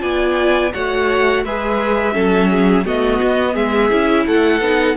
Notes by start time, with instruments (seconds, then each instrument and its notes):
0.00 cello B3, viola F4, violin D5 G#5
0.73 cello A3, viola F#4, violin C#5 F#5
1.45 cello G#3, viola G#4, violin B4 E5
2.12 cello F#3, viola C#4, violin A4
2.50 violin G#4
2.85 cello A3, viola B3, violin F#4 D#5
3.22 cello B3
3.53 cello G#3, violin G#4 E5
3.90 cello C#4, viola E4
4.26 cello A3, violin A4 F#5
4.61 cello B3, viola D#4